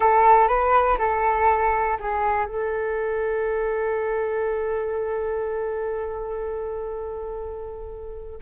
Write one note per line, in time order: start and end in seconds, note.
0.00 0.48 A4
0.48 0.97 B4
0.98 1.97 A4
1.99 2.46 G#4
2.46 8.41 A4